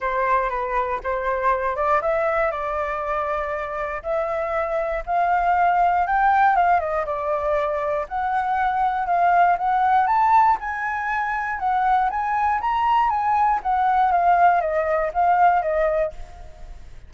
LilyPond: \new Staff \with { instrumentName = "flute" } { \time 4/4 \tempo 4 = 119 c''4 b'4 c''4. d''8 | e''4 d''2. | e''2 f''2 | g''4 f''8 dis''8 d''2 |
fis''2 f''4 fis''4 | a''4 gis''2 fis''4 | gis''4 ais''4 gis''4 fis''4 | f''4 dis''4 f''4 dis''4 | }